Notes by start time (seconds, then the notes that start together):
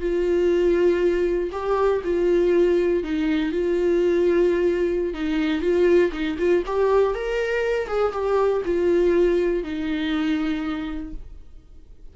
0.00 F4
1.52 G4
2.04 F4
3.03 D#4
3.52 F4
5.14 D#4
5.61 F4
6.12 D#4
6.38 F4
6.66 G4
7.15 A#4
7.87 G#4
8.12 G4
8.65 F4
9.63 D#4